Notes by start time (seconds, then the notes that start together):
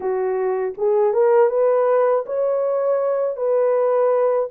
0.00 F#4
0.77 G#4
1.13 A#4
1.49 B4
2.26 C#5
3.36 B4